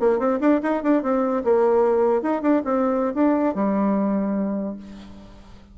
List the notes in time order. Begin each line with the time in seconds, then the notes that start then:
0.00 A#3
0.20 C4
0.41 D4
0.63 D#4
0.83 D4
1.03 C4
1.44 A#3
2.23 D#4
2.42 D4
2.65 C4
3.15 D4
3.55 G3